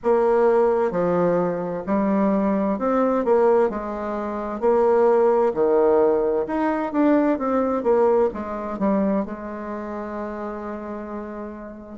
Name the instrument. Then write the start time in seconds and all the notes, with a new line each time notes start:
bassoon
0.03 A#3
0.91 F3
1.86 G3
2.78 C4
3.24 A#3
3.69 G#3
4.60 A#3
5.54 D#3
6.47 D#4
6.92 D4
7.38 C4
7.83 A#3
8.33 G#3
8.79 G3
9.25 G#3